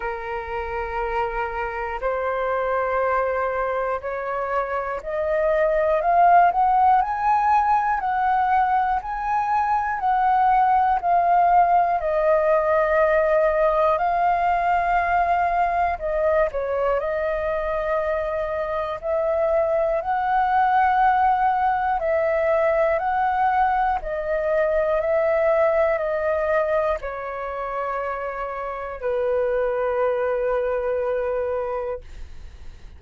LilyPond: \new Staff \with { instrumentName = "flute" } { \time 4/4 \tempo 4 = 60 ais'2 c''2 | cis''4 dis''4 f''8 fis''8 gis''4 | fis''4 gis''4 fis''4 f''4 | dis''2 f''2 |
dis''8 cis''8 dis''2 e''4 | fis''2 e''4 fis''4 | dis''4 e''4 dis''4 cis''4~ | cis''4 b'2. | }